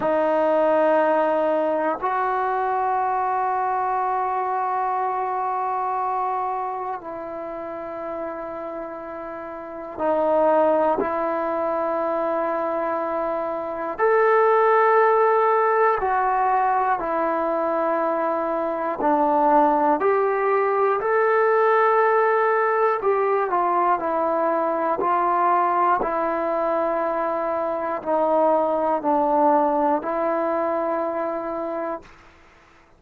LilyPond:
\new Staff \with { instrumentName = "trombone" } { \time 4/4 \tempo 4 = 60 dis'2 fis'2~ | fis'2. e'4~ | e'2 dis'4 e'4~ | e'2 a'2 |
fis'4 e'2 d'4 | g'4 a'2 g'8 f'8 | e'4 f'4 e'2 | dis'4 d'4 e'2 | }